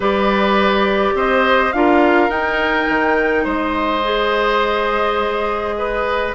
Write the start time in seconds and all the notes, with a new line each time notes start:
0.00 G3 G4 B4 D5
1.13 C4 C5 D#5
1.72 D4 F4 A#4 F5
2.29 D#4 G5
2.88 D#3
3.44 G#3 C5 D#5
4.03 G#4
5.78 B4